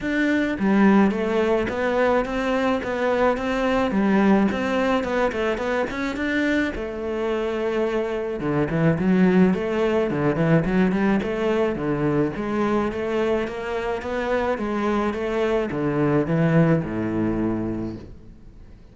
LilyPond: \new Staff \with { instrumentName = "cello" } { \time 4/4 \tempo 4 = 107 d'4 g4 a4 b4 | c'4 b4 c'4 g4 | c'4 b8 a8 b8 cis'8 d'4 | a2. d8 e8 |
fis4 a4 d8 e8 fis8 g8 | a4 d4 gis4 a4 | ais4 b4 gis4 a4 | d4 e4 a,2 | }